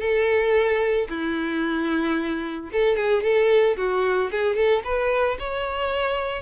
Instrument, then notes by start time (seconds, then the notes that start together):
violin
0.00 A4
1.09 E4
2.72 A4
2.96 G#4
3.23 A4
3.77 F#4
4.31 G#4
4.55 A4
4.84 B4
5.39 C#5